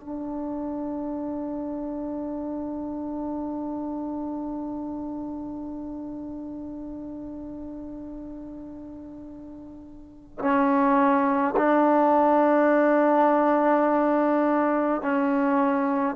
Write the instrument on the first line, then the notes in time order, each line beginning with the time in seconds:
trombone
0.00 D4
10.39 C#4
11.56 D4
15.02 C#4